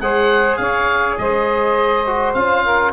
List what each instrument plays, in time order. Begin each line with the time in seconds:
0.00 tuba G#3, trombone G#4, saxophone C5, oboe F#5
0.57 tuba C#4, saxophone C#5, oboe F5
1.18 tuba G#3, saxophone C5, oboe D#5
2.07 trombone F#4
2.34 tuba C#4, trombone F4, oboe F5
2.64 saxophone A#4